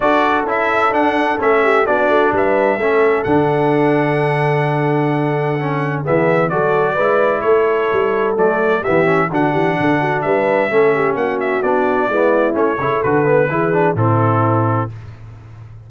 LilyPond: <<
  \new Staff \with { instrumentName = "trumpet" } { \time 4/4 \tempo 4 = 129 d''4 e''4 fis''4 e''4 | d''4 e''2 fis''4~ | fis''1~ | fis''4 e''4 d''2 |
cis''2 d''4 e''4 | fis''2 e''2 | fis''8 e''8 d''2 cis''4 | b'2 a'2 | }
  \new Staff \with { instrumentName = "horn" } { \time 4/4 a'2.~ a'8 g'8 | fis'4 b'4 a'2~ | a'1~ | a'4 gis'4 a'4 b'4 |
a'2. g'4 | fis'8 g'8 a'8 fis'8 b'4 a'8 g'8 | fis'2 e'4. a'8~ | a'4 gis'4 e'2 | }
  \new Staff \with { instrumentName = "trombone" } { \time 4/4 fis'4 e'4 d'4 cis'4 | d'2 cis'4 d'4~ | d'1 | cis'4 b4 fis'4 e'4~ |
e'2 a4 b8 cis'8 | d'2. cis'4~ | cis'4 d'4 b4 cis'8 e'8 | fis'8 b8 e'8 d'8 c'2 | }
  \new Staff \with { instrumentName = "tuba" } { \time 4/4 d'4 cis'4 d'4 a4 | b8 a8 g4 a4 d4~ | d1~ | d4 e4 fis4 gis4 |
a4 g4 fis4 e4 | d8 e8 d4 g4 a4 | ais4 b4 gis4 a8 cis8 | d4 e4 a,2 | }
>>